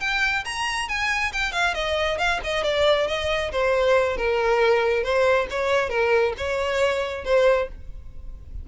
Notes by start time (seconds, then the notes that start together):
0.00 G5
0.44 A#5
0.88 G#5
1.32 G5
1.52 F5
1.74 D#5
2.18 F5
2.43 D#5
2.63 D5
3.07 D#5
3.51 C5
4.16 A#4
5.03 C5
5.50 C#5
5.89 A#4
6.37 C#5
7.24 C5